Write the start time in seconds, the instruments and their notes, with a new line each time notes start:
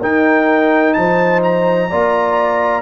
0.00 tuba D#4, trombone D#4, horn A#4, trumpet G5
0.93 tuba F3, horn C5, trumpet A5
1.43 trumpet A#5
1.89 tuba A#3, trombone F4, horn D5